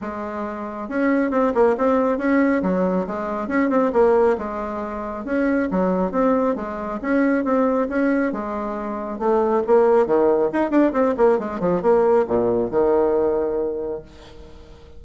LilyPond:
\new Staff \with { instrumentName = "bassoon" } { \time 4/4 \tempo 4 = 137 gis2 cis'4 c'8 ais8 | c'4 cis'4 fis4 gis4 | cis'8 c'8 ais4 gis2 | cis'4 fis4 c'4 gis4 |
cis'4 c'4 cis'4 gis4~ | gis4 a4 ais4 dis4 | dis'8 d'8 c'8 ais8 gis8 f8 ais4 | ais,4 dis2. | }